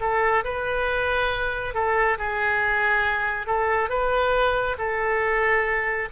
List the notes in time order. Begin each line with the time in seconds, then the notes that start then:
0.00 A4
0.43 B4
1.74 A4
2.18 G#4
3.46 A4
3.89 B4
4.78 A4